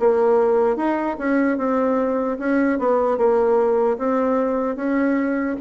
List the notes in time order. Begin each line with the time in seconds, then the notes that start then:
0.00 A#3
0.77 D#4
1.19 C#4
1.58 C4
2.40 C#4
2.79 B3
3.18 A#3
3.99 C4
4.77 C#4